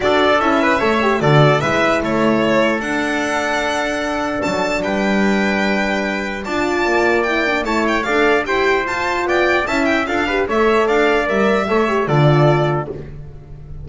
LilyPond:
<<
  \new Staff \with { instrumentName = "violin" } { \time 4/4 \tempo 4 = 149 d''4 e''2 d''4 | e''4 cis''2 fis''4~ | fis''2. a''4 | g''1 |
a''2 g''4 a''8 g''8 | f''4 g''4 a''4 g''4 | a''8 g''8 f''4 e''4 f''4 | e''2 d''2 | }
  \new Staff \with { instrumentName = "trumpet" } { \time 4/4 a'4. b'8 cis''4 a'4 | b'4 a'2.~ | a'1 | b'1 |
d''2. cis''4 | d''4 c''2 d''4 | e''4 a'8 b'8 cis''4 d''4~ | d''4 cis''4 a'2 | }
  \new Staff \with { instrumentName = "horn" } { \time 4/4 fis'4 e'4 a'8 g'8 fis'4 | e'2. d'4~ | d'1~ | d'1 |
f'2 e'8 d'8 e'4 | a'4 g'4 f'2 | e'4 f'8 g'8 a'2 | ais'4 a'8 g'8 f'2 | }
  \new Staff \with { instrumentName = "double bass" } { \time 4/4 d'4 cis'4 a4 d4 | gis4 a2 d'4~ | d'2. fis4 | g1 |
d'4 ais2 a4 | d'4 e'4 f'4 b4 | cis'4 d'4 a4 d'4 | g4 a4 d2 | }
>>